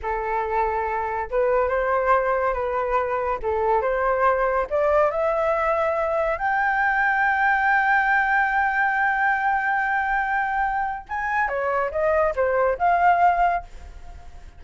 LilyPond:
\new Staff \with { instrumentName = "flute" } { \time 4/4 \tempo 4 = 141 a'2. b'4 | c''2 b'2 | a'4 c''2 d''4 | e''2. g''4~ |
g''1~ | g''1~ | g''2 gis''4 cis''4 | dis''4 c''4 f''2 | }